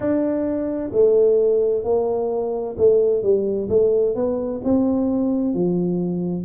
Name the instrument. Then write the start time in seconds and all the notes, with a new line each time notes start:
tuba
0.00 D4
0.92 A3
1.83 A#3
2.77 A3
3.22 G3
3.69 A3
4.15 B3
4.64 C4
5.53 F3